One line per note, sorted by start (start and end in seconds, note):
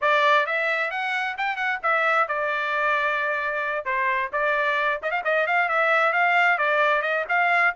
0.01 0.46 D5
0.46 0.90 E5
0.90 1.36 F#5
1.37 1.56 G5
1.56 1.79 F#5
1.82 2.28 E5
2.28 3.85 D5
3.85 4.30 C5
4.32 5.00 D5
5.02 5.11 D#5
5.11 5.22 F5
5.24 5.46 D#5
5.46 5.68 F5
5.68 6.12 E5
6.12 6.58 F5
6.58 7.02 D5
7.02 7.25 D#5
7.28 7.74 F5